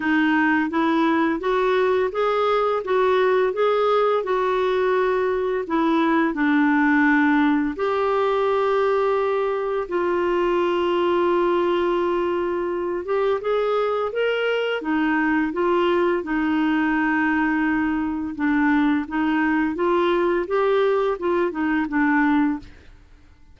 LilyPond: \new Staff \with { instrumentName = "clarinet" } { \time 4/4 \tempo 4 = 85 dis'4 e'4 fis'4 gis'4 | fis'4 gis'4 fis'2 | e'4 d'2 g'4~ | g'2 f'2~ |
f'2~ f'8 g'8 gis'4 | ais'4 dis'4 f'4 dis'4~ | dis'2 d'4 dis'4 | f'4 g'4 f'8 dis'8 d'4 | }